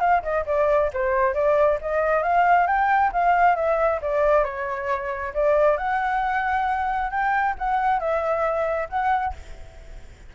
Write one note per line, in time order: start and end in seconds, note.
0.00 0.22 F5
0.23 0.45 D#5
0.46 0.91 D5
0.93 1.34 C5
1.34 1.78 D5
1.81 2.23 D#5
2.23 2.67 F5
2.67 3.11 G5
3.12 3.56 F5
3.56 4.00 E5
4.01 4.44 D5
4.44 5.33 C#5
5.34 5.77 D5
5.77 7.11 F#5
7.11 7.55 G5
7.58 8.00 F#5
8.00 8.88 E5
8.89 9.33 F#5